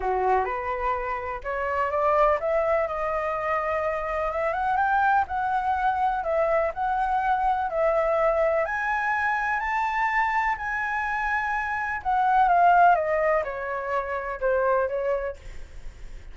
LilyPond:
\new Staff \with { instrumentName = "flute" } { \time 4/4 \tempo 4 = 125 fis'4 b'2 cis''4 | d''4 e''4 dis''2~ | dis''4 e''8 fis''8 g''4 fis''4~ | fis''4 e''4 fis''2 |
e''2 gis''2 | a''2 gis''2~ | gis''4 fis''4 f''4 dis''4 | cis''2 c''4 cis''4 | }